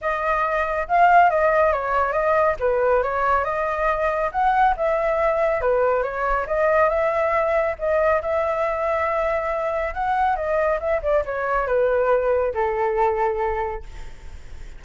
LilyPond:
\new Staff \with { instrumentName = "flute" } { \time 4/4 \tempo 4 = 139 dis''2 f''4 dis''4 | cis''4 dis''4 b'4 cis''4 | dis''2 fis''4 e''4~ | e''4 b'4 cis''4 dis''4 |
e''2 dis''4 e''4~ | e''2. fis''4 | dis''4 e''8 d''8 cis''4 b'4~ | b'4 a'2. | }